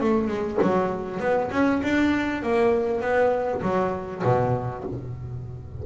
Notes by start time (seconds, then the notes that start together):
0.00 A3
0.28 G#3
0.62 F#3
1.20 B3
1.51 C#4
1.83 D4
2.42 A#3
3.01 B3
3.62 F#3
4.23 B2